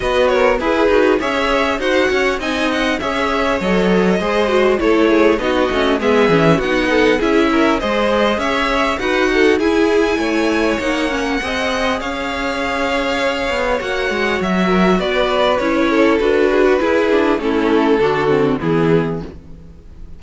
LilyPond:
<<
  \new Staff \with { instrumentName = "violin" } { \time 4/4 \tempo 4 = 100 dis''8 cis''8 b'4 e''4 fis''4 | gis''8 fis''8 e''4 dis''2 | cis''4 dis''4 e''4 fis''4 | e''4 dis''4 e''4 fis''4 |
gis''2 fis''2 | f''2. fis''4 | e''4 d''4 cis''4 b'4~ | b'4 a'2 gis'4 | }
  \new Staff \with { instrumentName = "violin" } { \time 4/4 b'8 ais'8 gis'4 cis''4 c''8 cis''8 | dis''4 cis''2 c''4 | a'8 gis'8 fis'4 gis'4 fis'8 a'8 | gis'8 ais'8 c''4 cis''4 b'8 a'8 |
gis'4 cis''2 dis''4 | cis''1~ | cis''8 ais'8 b'4. a'4 gis'16 fis'16 | gis'4 e'4 fis'4 e'4 | }
  \new Staff \with { instrumentName = "viola" } { \time 4/4 fis'4 gis'8 fis'8 gis'4 fis'4 | dis'4 gis'4 a'4 gis'8 fis'8 | e'4 dis'8 cis'8 b8 cis'8 dis'4 | e'4 gis'2 fis'4 |
e'2 dis'8 cis'8 gis'4~ | gis'2. fis'4~ | fis'2 e'4 fis'4 | e'8 d'8 cis'4 d'8 c'8 b4 | }
  \new Staff \with { instrumentName = "cello" } { \time 4/4 b4 e'8 dis'8 cis'4 dis'8 cis'8 | c'4 cis'4 fis4 gis4 | a4 b8 a8 gis8 e8 b4 | cis'4 gis4 cis'4 dis'4 |
e'4 a4 ais4 c'4 | cis'2~ cis'8 b8 ais8 gis8 | fis4 b4 cis'4 d'4 | e'4 a4 d4 e4 | }
>>